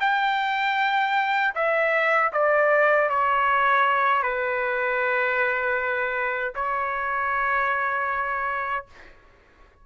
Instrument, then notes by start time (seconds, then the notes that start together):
trumpet
0.00 G5
1.55 E5
2.33 D5
3.09 C#5
4.22 B4
6.55 C#5